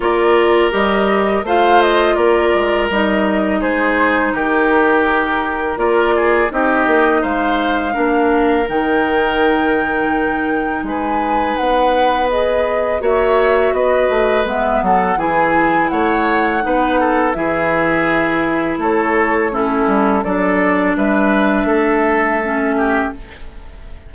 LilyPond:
<<
  \new Staff \with { instrumentName = "flute" } { \time 4/4 \tempo 4 = 83 d''4 dis''4 f''8 dis''8 d''4 | dis''4 c''4 ais'2 | d''4 dis''4 f''2 | g''2. gis''4 |
fis''4 dis''4 e''4 dis''4 | e''8 fis''8 gis''4 fis''2 | e''2 cis''4 a'4 | d''4 e''2. | }
  \new Staff \with { instrumentName = "oboe" } { \time 4/4 ais'2 c''4 ais'4~ | ais'4 gis'4 g'2 | ais'8 gis'8 g'4 c''4 ais'4~ | ais'2. b'4~ |
b'2 cis''4 b'4~ | b'8 a'8 gis'4 cis''4 b'8 a'8 | gis'2 a'4 e'4 | a'4 b'4 a'4. g'8 | }
  \new Staff \with { instrumentName = "clarinet" } { \time 4/4 f'4 g'4 f'2 | dis'1 | f'4 dis'2 d'4 | dis'1~ |
dis'4 gis'4 fis'2 | b4 e'2 dis'4 | e'2. cis'4 | d'2. cis'4 | }
  \new Staff \with { instrumentName = "bassoon" } { \time 4/4 ais4 g4 a4 ais8 gis8 | g4 gis4 dis2 | ais4 c'8 ais8 gis4 ais4 | dis2. gis4 |
b2 ais4 b8 a8 | gis8 fis8 e4 a4 b4 | e2 a4. g8 | fis4 g4 a2 | }
>>